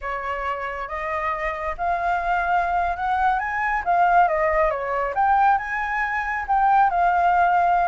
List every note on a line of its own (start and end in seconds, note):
0.01 0.88 C#5
0.88 1.75 D#5
1.77 2.96 F5
2.96 3.39 F#5
3.39 3.83 G#5
3.84 4.28 F5
4.28 4.70 D#5
4.70 5.14 C#5
5.14 5.58 G5
5.58 6.45 G#5
6.47 6.90 G5
6.90 7.88 F5